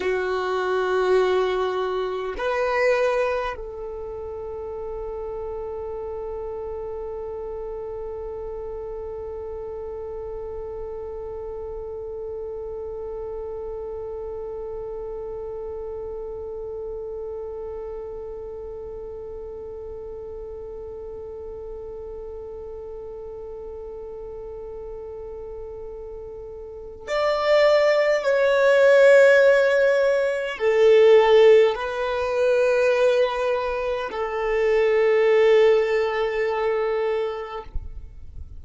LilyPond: \new Staff \with { instrumentName = "violin" } { \time 4/4 \tempo 4 = 51 fis'2 b'4 a'4~ | a'1~ | a'1~ | a'1~ |
a'1~ | a'2. d''4 | cis''2 a'4 b'4~ | b'4 a'2. | }